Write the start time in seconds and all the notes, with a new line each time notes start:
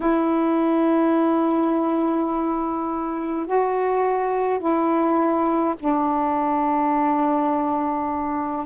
0.00 E4
3.46 F#4
4.59 E4
5.78 D4